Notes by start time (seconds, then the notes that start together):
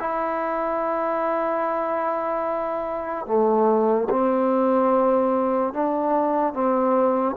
0.00 E4
3.26 A3
4.10 C4
5.73 D4
6.53 C4